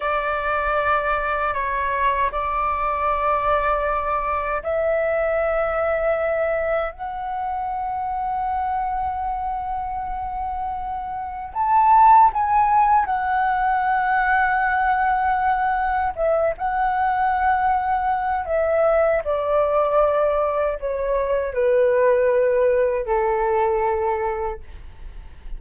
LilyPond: \new Staff \with { instrumentName = "flute" } { \time 4/4 \tempo 4 = 78 d''2 cis''4 d''4~ | d''2 e''2~ | e''4 fis''2.~ | fis''2. a''4 |
gis''4 fis''2.~ | fis''4 e''8 fis''2~ fis''8 | e''4 d''2 cis''4 | b'2 a'2 | }